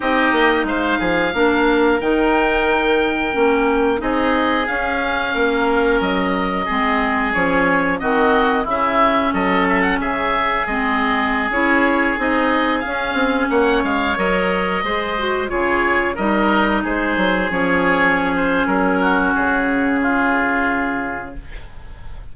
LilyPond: <<
  \new Staff \with { instrumentName = "oboe" } { \time 4/4 \tempo 4 = 90 dis''4 f''2 g''4~ | g''2 dis''4 f''4~ | f''4 dis''2 cis''4 | dis''4 e''4 dis''8 e''16 fis''16 e''4 |
dis''4~ dis''16 cis''4 dis''4 f''8.~ | f''16 fis''8 f''8 dis''2 cis''8.~ | cis''16 dis''4 c''4 cis''4~ cis''16 c''8 | ais'4 gis'2. | }
  \new Staff \with { instrumentName = "oboe" } { \time 4/4 g'4 c''8 gis'8 ais'2~ | ais'2 gis'2 | ais'2 gis'2 | fis'4 e'4 a'4 gis'4~ |
gis'1~ | gis'16 cis''2 c''4 gis'8.~ | gis'16 ais'4 gis'2~ gis'8.~ | gis'8 fis'4. f'2 | }
  \new Staff \with { instrumentName = "clarinet" } { \time 4/4 dis'2 d'4 dis'4~ | dis'4 cis'4 dis'4 cis'4~ | cis'2 c'4 cis'4 | c'4 cis'2. |
c'4~ c'16 e'4 dis'4 cis'8.~ | cis'4~ cis'16 ais'4 gis'8 fis'8 f'8.~ | f'16 dis'2 cis'4.~ cis'16~ | cis'1 | }
  \new Staff \with { instrumentName = "bassoon" } { \time 4/4 c'8 ais8 gis8 f8 ais4 dis4~ | dis4 ais4 c'4 cis'4 | ais4 fis4 gis4 f4 | dis4 cis4 fis4 cis4 |
gis4~ gis16 cis'4 c'4 cis'8 c'16~ | c'16 ais8 gis8 fis4 gis4 cis8.~ | cis16 g4 gis8 fis8 f4.~ f16 | fis4 cis2. | }
>>